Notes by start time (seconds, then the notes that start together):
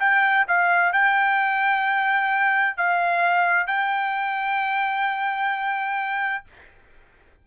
0.00 G5
0.48 F5
0.93 G5
2.78 F5
3.68 G5